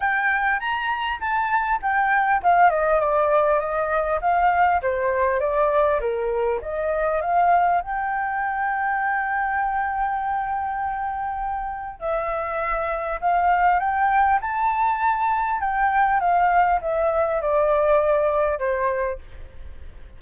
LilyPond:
\new Staff \with { instrumentName = "flute" } { \time 4/4 \tempo 4 = 100 g''4 ais''4 a''4 g''4 | f''8 dis''8 d''4 dis''4 f''4 | c''4 d''4 ais'4 dis''4 | f''4 g''2.~ |
g''1 | e''2 f''4 g''4 | a''2 g''4 f''4 | e''4 d''2 c''4 | }